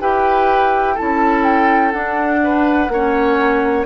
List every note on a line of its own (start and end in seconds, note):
0.00 0.98 E4
0.00 0.97 G4
0.00 0.95 B4
0.00 0.97 G5
0.95 1.93 E4
0.95 2.40 A4
0.95 1.44 A5
1.01 1.93 C#4
1.44 1.92 G5
1.92 2.90 D4
1.92 2.89 D4
1.92 3.85 F#5
2.44 2.92 B4
2.89 3.85 A#3
2.89 3.86 C#5
2.95 3.86 C#4